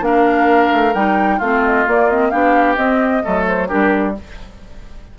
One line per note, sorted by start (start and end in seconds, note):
0.00 0.69 A#3
0.00 0.93 D4
0.00 1.36 A#4
0.00 0.93 F5
0.72 0.94 A3
0.93 1.40 G3
0.93 1.40 D#4
0.93 1.39 G5
1.36 1.85 A3
1.36 1.86 C4
1.36 2.28 F4
1.36 1.62 F5
1.64 1.87 D#5
1.86 2.09 A#3
1.86 2.32 A#3
1.86 2.09 D5
2.09 2.31 C4
2.09 2.29 D#5
2.29 2.77 B3
2.29 2.77 D4
2.29 3.22 G4
2.29 2.75 F5
2.75 3.22 C4
2.75 3.44 D#5
3.22 3.72 F#3
3.22 3.68 A3
3.22 3.68 A4
3.47 3.68 C5
3.68 4.18 G3
3.68 4.14 D4
3.68 4.13 G4
3.68 4.14 A#4